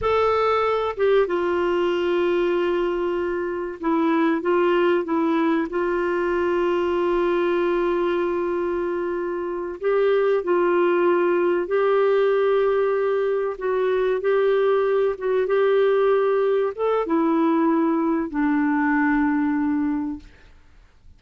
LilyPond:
\new Staff \with { instrumentName = "clarinet" } { \time 4/4 \tempo 4 = 95 a'4. g'8 f'2~ | f'2 e'4 f'4 | e'4 f'2.~ | f'2.~ f'8 g'8~ |
g'8 f'2 g'4.~ | g'4. fis'4 g'4. | fis'8 g'2 a'8 e'4~ | e'4 d'2. | }